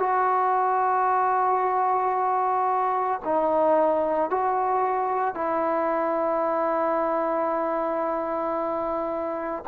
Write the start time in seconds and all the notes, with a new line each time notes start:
0.00 F#4
3.25 D#4
4.31 F#4
5.35 E4